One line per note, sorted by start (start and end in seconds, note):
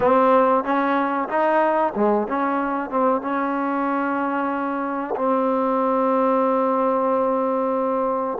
0.00 0.63 C4
0.63 1.28 C#4
1.28 1.93 D#4
1.95 2.27 G#3
2.27 2.89 C#4
2.89 3.21 C4
3.21 5.14 C#4
5.15 8.38 C4